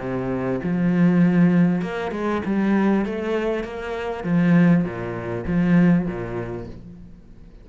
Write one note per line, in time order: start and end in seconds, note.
0.00 0.61 C3
0.64 1.82 F3
1.82 2.12 A#3
2.12 2.42 G#3
2.46 3.06 G3
3.06 3.64 A3
3.64 4.24 A#3
4.24 4.85 F3
4.85 5.45 A#2
5.47 6.07 F3
6.07 6.67 A#2